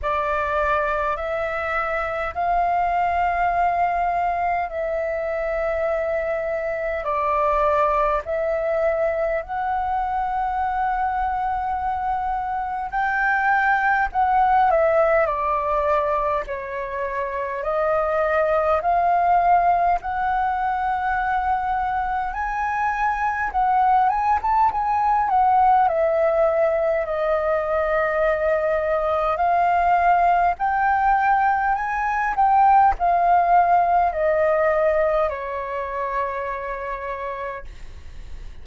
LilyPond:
\new Staff \with { instrumentName = "flute" } { \time 4/4 \tempo 4 = 51 d''4 e''4 f''2 | e''2 d''4 e''4 | fis''2. g''4 | fis''8 e''8 d''4 cis''4 dis''4 |
f''4 fis''2 gis''4 | fis''8 gis''16 a''16 gis''8 fis''8 e''4 dis''4~ | dis''4 f''4 g''4 gis''8 g''8 | f''4 dis''4 cis''2 | }